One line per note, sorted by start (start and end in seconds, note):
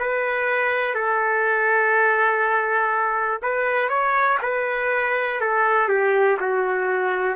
0.00 0.95 B4
0.95 3.41 A4
3.42 3.89 B4
3.89 4.39 C#5
4.43 5.41 B4
5.41 5.89 A4
5.89 6.38 G4
6.41 7.36 F#4